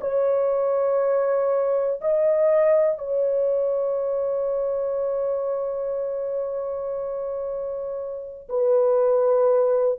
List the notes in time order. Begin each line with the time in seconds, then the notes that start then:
0.00 C#5
2.01 D#5
2.98 C#5
8.49 B4